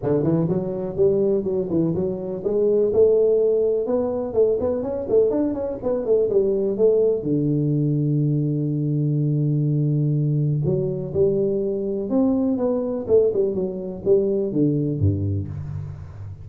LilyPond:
\new Staff \with { instrumentName = "tuba" } { \time 4/4 \tempo 4 = 124 d8 e8 fis4 g4 fis8 e8 | fis4 gis4 a2 | b4 a8 b8 cis'8 a8 d'8 cis'8 | b8 a8 g4 a4 d4~ |
d1~ | d2 fis4 g4~ | g4 c'4 b4 a8 g8 | fis4 g4 d4 g,4 | }